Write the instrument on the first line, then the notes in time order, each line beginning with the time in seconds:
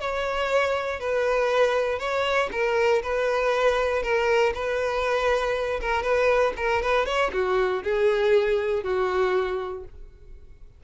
violin
0.00 C#5
1.00 B4
1.99 C#5
2.52 A#4
3.03 B4
4.03 A#4
4.54 B4
5.81 A#4
6.03 B4
6.57 A#4
6.82 B4
7.06 C#5
7.32 F#4
7.83 G#4
8.83 F#4